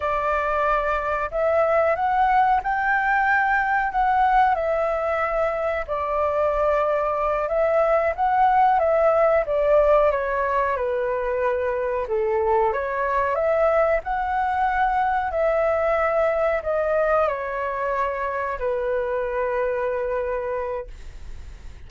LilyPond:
\new Staff \with { instrumentName = "flute" } { \time 4/4 \tempo 4 = 92 d''2 e''4 fis''4 | g''2 fis''4 e''4~ | e''4 d''2~ d''8 e''8~ | e''8 fis''4 e''4 d''4 cis''8~ |
cis''8 b'2 a'4 cis''8~ | cis''8 e''4 fis''2 e''8~ | e''4. dis''4 cis''4.~ | cis''8 b'2.~ b'8 | }